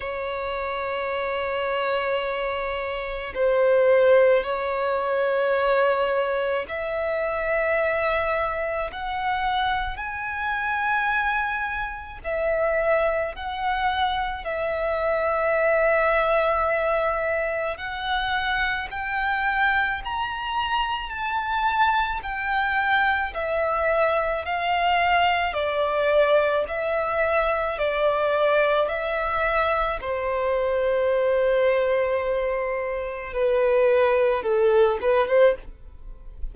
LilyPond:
\new Staff \with { instrumentName = "violin" } { \time 4/4 \tempo 4 = 54 cis''2. c''4 | cis''2 e''2 | fis''4 gis''2 e''4 | fis''4 e''2. |
fis''4 g''4 ais''4 a''4 | g''4 e''4 f''4 d''4 | e''4 d''4 e''4 c''4~ | c''2 b'4 a'8 b'16 c''16 | }